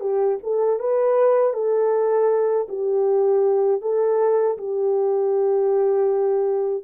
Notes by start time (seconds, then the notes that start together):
0.00 G4
0.42 A4
0.79 B4
1.53 A4
2.69 G4
3.81 A4
4.58 G4